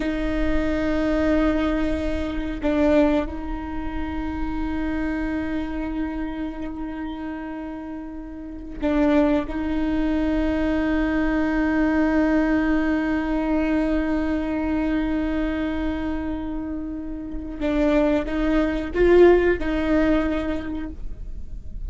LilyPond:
\new Staff \with { instrumentName = "viola" } { \time 4/4 \tempo 4 = 92 dis'1 | d'4 dis'2.~ | dis'1~ | dis'4. d'4 dis'4.~ |
dis'1~ | dis'1~ | dis'2. d'4 | dis'4 f'4 dis'2 | }